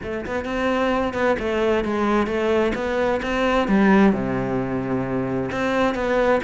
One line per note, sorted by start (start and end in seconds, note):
0.02 0.25 A3
0.26 0.45 B3
0.45 1.13 C4
1.13 1.36 B3
1.39 1.84 A3
1.84 2.26 G#3
2.26 2.72 A3
2.74 3.20 B3
3.22 3.68 C4
3.68 4.13 G3
4.13 5.50 C3
5.51 5.94 C4
5.94 6.40 B3